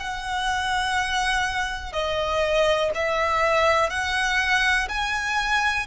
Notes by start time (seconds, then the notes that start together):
0.00 F#5
1.93 D#5
2.95 E5
3.90 F#5
4.89 G#5